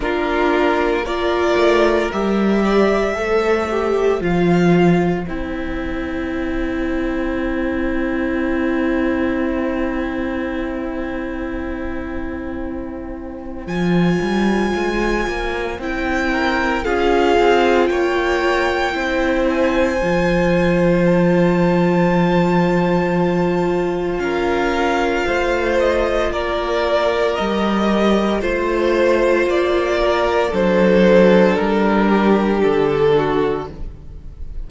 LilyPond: <<
  \new Staff \with { instrumentName = "violin" } { \time 4/4 \tempo 4 = 57 ais'4 d''4 e''2 | f''4 g''2.~ | g''1~ | g''4 gis''2 g''4 |
f''4 g''4. gis''4. | a''2. f''4~ | f''8 dis''8 d''4 dis''4 c''4 | d''4 c''4 ais'4 a'4 | }
  \new Staff \with { instrumentName = "violin" } { \time 4/4 f'4 ais'4. d''8 c''4~ | c''1~ | c''1~ | c''2.~ c''8 ais'8 |
gis'4 cis''4 c''2~ | c''2. ais'4 | c''4 ais'2 c''4~ | c''8 ais'8 a'4. g'4 fis'8 | }
  \new Staff \with { instrumentName = "viola" } { \time 4/4 d'4 f'4 g'4 a'8 g'8 | f'4 e'2.~ | e'1~ | e'4 f'2 e'4 |
f'2 e'4 f'4~ | f'1~ | f'2 g'4 f'4~ | f'4 d'2. | }
  \new Staff \with { instrumentName = "cello" } { \time 4/4 ais4. a8 g4 a4 | f4 c'2.~ | c'1~ | c'4 f8 g8 gis8 ais8 c'4 |
cis'8 c'8 ais4 c'4 f4~ | f2. cis'4 | a4 ais4 g4 a4 | ais4 fis4 g4 d4 | }
>>